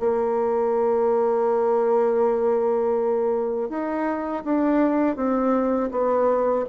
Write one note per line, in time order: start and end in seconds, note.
0.00 3.70 A#3
3.70 4.44 D#4
4.45 5.16 D4
5.16 5.91 C4
5.92 6.66 B3